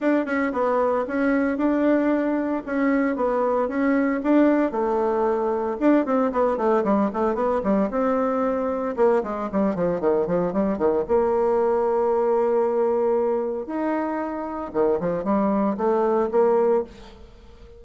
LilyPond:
\new Staff \with { instrumentName = "bassoon" } { \time 4/4 \tempo 4 = 114 d'8 cis'8 b4 cis'4 d'4~ | d'4 cis'4 b4 cis'4 | d'4 a2 d'8 c'8 | b8 a8 g8 a8 b8 g8 c'4~ |
c'4 ais8 gis8 g8 f8 dis8 f8 | g8 dis8 ais2.~ | ais2 dis'2 | dis8 f8 g4 a4 ais4 | }